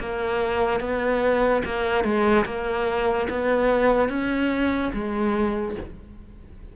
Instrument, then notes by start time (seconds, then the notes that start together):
cello
0.00 A#3
0.80 B3
1.65 A#3
2.04 G#3
2.45 A#3
3.29 B3
4.09 C#4
4.93 G#3